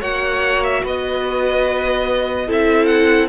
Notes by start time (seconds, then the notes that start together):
0.00 A#3 F#4 C#5 F#5
0.64 E5
0.84 B3 B4 D#5
2.47 C4 E4 A4 E5
2.86 F#5